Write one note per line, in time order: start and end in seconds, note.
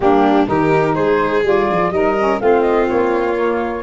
0.00 0.46 G3
0.00 0.46 A#3
0.00 0.49 D4
0.00 0.46 G4
0.46 0.96 D#3
0.46 1.42 D#4
0.46 0.94 G4
0.46 0.95 A#4
0.94 1.43 G#3
0.94 1.90 G#4
0.94 1.43 C5
1.43 1.67 G3
1.43 1.91 F4
1.43 1.91 D5
1.70 1.90 F3
1.90 2.38 G3
1.90 2.16 D#4
1.90 2.42 A#4
1.90 2.39 D#5
2.18 2.39 C#4
2.39 2.88 A3
2.39 3.34 C4
2.39 3.83 F4
2.39 2.61 F5
2.61 2.85 D#5
2.89 3.83 A#3
2.89 3.83 C#5
3.34 3.82 A#3